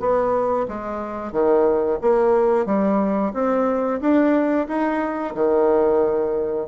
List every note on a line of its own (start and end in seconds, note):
0.00 0.67 B3
0.68 1.32 G#3
1.32 1.99 D#3
2.02 2.66 A#3
2.66 3.33 G3
3.34 4.00 C4
4.01 4.68 D4
4.68 5.35 D#4
5.35 6.68 D#3